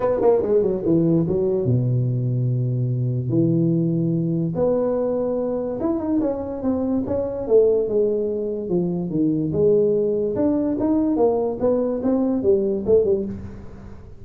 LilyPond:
\new Staff \with { instrumentName = "tuba" } { \time 4/4 \tempo 4 = 145 b8 ais8 gis8 fis8 e4 fis4 | b,1 | e2. b4~ | b2 e'8 dis'8 cis'4 |
c'4 cis'4 a4 gis4~ | gis4 f4 dis4 gis4~ | gis4 d'4 dis'4 ais4 | b4 c'4 g4 a8 g8 | }